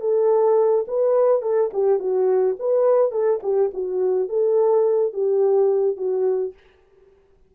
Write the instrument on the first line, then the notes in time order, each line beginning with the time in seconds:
horn
0.00 A4
0.87 B4
1.42 A4
1.73 G4
1.99 F#4
2.59 B4
3.12 A4
3.43 G4
3.74 F#4
4.29 A4
5.13 G4
5.97 F#4